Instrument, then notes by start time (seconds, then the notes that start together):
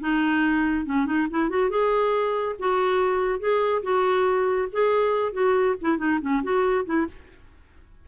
clarinet
0.00 D#4
0.85 C#4
1.06 D#4
1.30 E4
1.49 F#4
1.70 G#4
2.59 F#4
3.39 G#4
3.82 F#4
4.72 G#4
5.32 F#4
5.81 E4
5.98 D#4
6.21 C#4
6.43 F#4
6.85 E4